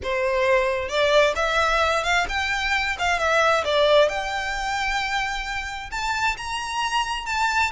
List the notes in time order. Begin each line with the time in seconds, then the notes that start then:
0.03 C5
0.88 D5
1.35 E5
2.03 F5
2.28 G5
2.98 F5
3.18 E5
3.64 D5
4.08 G5
5.91 A5
6.37 A#5
7.26 A5